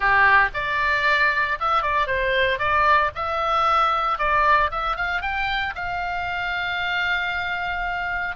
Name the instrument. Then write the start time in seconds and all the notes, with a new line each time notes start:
oboe
0.00 G4
0.54 D5
1.59 E5
1.82 D5
2.07 C5
2.58 D5
3.15 E5
4.18 D5
4.71 E5
4.96 F5
5.21 G5
5.75 F5